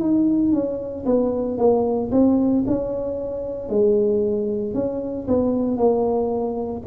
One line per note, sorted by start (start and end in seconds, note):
0.00 0.53 D#4
0.53 1.06 C#4
1.06 1.59 B3
1.59 2.11 A#3
2.12 2.65 C4
2.67 3.70 C#4
3.70 4.75 G#3
4.75 5.27 C#4
5.28 5.78 B3
5.78 6.83 A#3